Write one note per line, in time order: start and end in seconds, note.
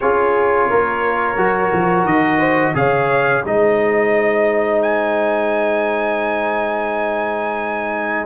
0.00 0.70 C#4
0.00 1.36 F4
0.00 0.70 G#4
0.00 2.05 C#5
0.70 1.36 A#3
0.70 2.39 A#4
1.36 1.71 F#3
1.36 2.74 F#4
1.73 2.04 F3
2.04 2.73 D#3
2.04 2.74 D#5
2.39 2.73 C5
2.74 3.43 C#3
2.74 3.43 G#4
2.74 3.44 C#5
2.74 3.45 F5
3.44 8.25 G#3
3.44 8.25 D#4
3.44 8.25 C5
3.44 4.82 D#5
4.82 8.25 G#5